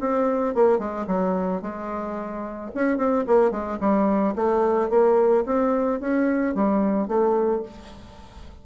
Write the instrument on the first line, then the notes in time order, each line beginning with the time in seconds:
bassoon
0.00 C4
0.54 A#3
0.78 G#3
1.07 F#3
1.61 G#3
2.74 C#4
2.97 C4
3.27 A#3
3.51 G#3
3.80 G3
4.35 A3
4.89 A#3
5.46 C4
6.00 C#4
6.54 G3
7.08 A3